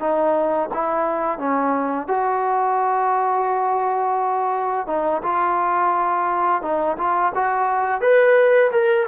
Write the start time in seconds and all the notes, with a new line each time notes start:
0.00 D#4
0.74 E4
1.39 C#4
2.08 F#4
4.87 D#4
5.23 F4
6.62 D#4
6.98 F4
7.35 F#4
8.01 B4
8.72 A#4